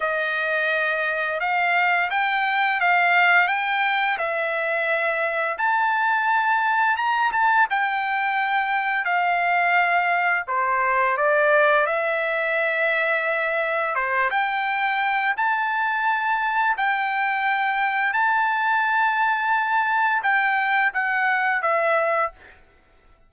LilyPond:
\new Staff \with { instrumentName = "trumpet" } { \time 4/4 \tempo 4 = 86 dis''2 f''4 g''4 | f''4 g''4 e''2 | a''2 ais''8 a''8 g''4~ | g''4 f''2 c''4 |
d''4 e''2. | c''8 g''4. a''2 | g''2 a''2~ | a''4 g''4 fis''4 e''4 | }